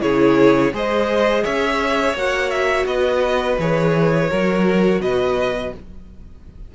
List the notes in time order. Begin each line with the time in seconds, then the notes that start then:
0.00 C#3 E4 G#4 C#5
0.72 G#3 G#4 C5 D#5
1.43 C#4 C#5 E5
2.13 A#3 F#4 F#5
2.50 E5
2.86 B3 B4 D#5
3.59 E3 G#4 C#5
4.30 F#3 F#4 A#4
5.00 B2 B4 D#5